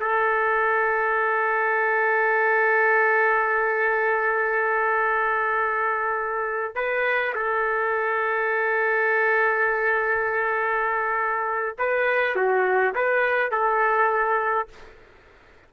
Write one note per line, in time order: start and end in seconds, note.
0.00 6.75 A4
6.75 7.34 B4
7.35 11.76 A4
11.78 12.36 B4
12.36 12.95 F#4
12.95 13.51 B4
13.51 14.69 A4